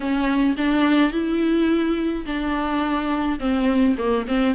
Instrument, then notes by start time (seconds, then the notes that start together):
viola
0.00 C#4
0.57 D4
1.11 E4
2.26 D4
3.39 C4
3.98 A#3
4.27 C4